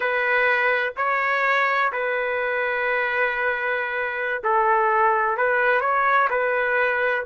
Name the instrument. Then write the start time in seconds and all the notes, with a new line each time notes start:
trumpet
0.00 B4
0.96 C#5
1.92 B4
4.43 A4
5.37 B4
5.81 C#5
6.30 B4